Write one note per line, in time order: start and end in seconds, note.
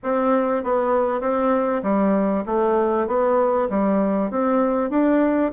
0.03 0.63 C4
0.63 1.21 B3
1.21 1.82 C4
1.83 2.44 G3
2.45 3.07 A3
3.07 3.68 B3
3.69 4.30 G3
4.30 4.90 C4
4.90 5.51 D4